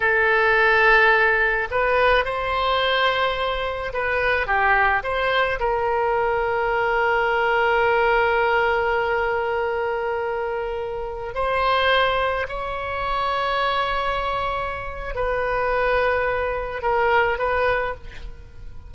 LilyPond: \new Staff \with { instrumentName = "oboe" } { \time 4/4 \tempo 4 = 107 a'2. b'4 | c''2. b'4 | g'4 c''4 ais'2~ | ais'1~ |
ais'1~ | ais'16 c''2 cis''4.~ cis''16~ | cis''2. b'4~ | b'2 ais'4 b'4 | }